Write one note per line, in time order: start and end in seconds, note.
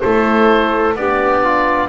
0.00 0.95 A3
0.00 0.95 E4
0.00 0.97 A4
0.00 0.94 C5
0.95 1.88 B3
0.95 1.88 D4
0.95 1.43 G4
0.95 1.88 D5
1.43 1.88 F4